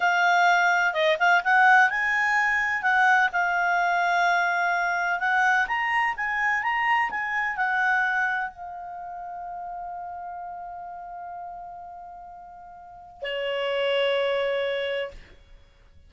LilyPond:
\new Staff \with { instrumentName = "clarinet" } { \time 4/4 \tempo 4 = 127 f''2 dis''8 f''8 fis''4 | gis''2 fis''4 f''4~ | f''2. fis''4 | ais''4 gis''4 ais''4 gis''4 |
fis''2 f''2~ | f''1~ | f''1 | cis''1 | }